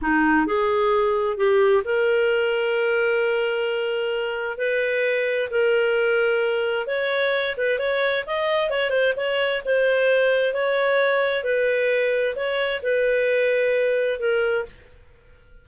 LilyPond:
\new Staff \with { instrumentName = "clarinet" } { \time 4/4 \tempo 4 = 131 dis'4 gis'2 g'4 | ais'1~ | ais'2 b'2 | ais'2. cis''4~ |
cis''8 b'8 cis''4 dis''4 cis''8 c''8 | cis''4 c''2 cis''4~ | cis''4 b'2 cis''4 | b'2. ais'4 | }